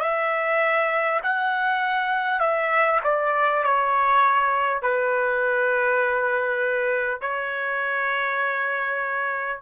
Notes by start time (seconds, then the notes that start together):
0.00 E5
1.23 F#5
2.39 E5
3.03 D5
3.63 C#5
4.82 B4
7.21 C#5